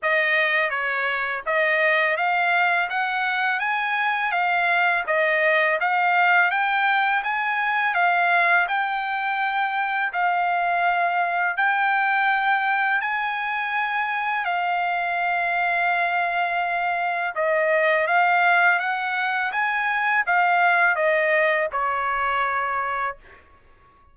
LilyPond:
\new Staff \with { instrumentName = "trumpet" } { \time 4/4 \tempo 4 = 83 dis''4 cis''4 dis''4 f''4 | fis''4 gis''4 f''4 dis''4 | f''4 g''4 gis''4 f''4 | g''2 f''2 |
g''2 gis''2 | f''1 | dis''4 f''4 fis''4 gis''4 | f''4 dis''4 cis''2 | }